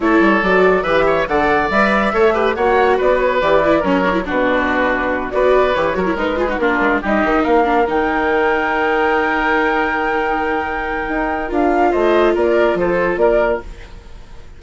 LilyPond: <<
  \new Staff \with { instrumentName = "flute" } { \time 4/4 \tempo 4 = 141 cis''4 d''4 e''4 fis''4 | e''2 fis''4 d''8 cis''8 | d''4 cis''4 b'2~ | b'8 d''4 cis''4 b'4 ais'8~ |
ais'8 dis''4 f''4 g''4.~ | g''1~ | g''2. f''4 | dis''4 d''4 c''4 d''4 | }
  \new Staff \with { instrumentName = "oboe" } { \time 4/4 a'2 b'8 cis''8 d''4~ | d''4 cis''8 b'8 cis''4 b'4~ | b'4 ais'4 fis'2~ | fis'8 b'4. ais'4 gis'16 fis'16 f'8~ |
f'8 g'4 ais'2~ ais'8~ | ais'1~ | ais'1 | c''4 ais'4 a'4 ais'4 | }
  \new Staff \with { instrumentName = "viola" } { \time 4/4 e'4 fis'4 g'4 a'4 | b'4 a'8 g'8 fis'2 | g'8 e'8 cis'8 d'16 e'16 d'2~ | d'8 fis'4 g'8 fis'16 e'16 dis'8 f'16 dis'16 d'8~ |
d'8 dis'4. d'8 dis'4.~ | dis'1~ | dis'2. f'4~ | f'1 | }
  \new Staff \with { instrumentName = "bassoon" } { \time 4/4 a8 g8 fis4 e4 d4 | g4 a4 ais4 b4 | e4 fis4 b,2~ | b,8 b4 e8 fis8 gis4 ais8 |
gis8 g8 dis8 ais4 dis4.~ | dis1~ | dis2 dis'4 d'4 | a4 ais4 f4 ais4 | }
>>